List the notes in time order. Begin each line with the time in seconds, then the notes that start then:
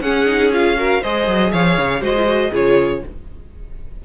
0.00 C#4 G#4 F#5
0.26 D#4
0.52 F4 F5
0.76 F#4 A#4
1.02 G#3 G#4 C5 D#5
1.27 F#3
1.52 F3 C#5 F5
1.77 C#3
2.01 G#3 F#4 C5 D#5
2.18 F4
2.26 F#4
2.51 C#3 F4 G#4 C#5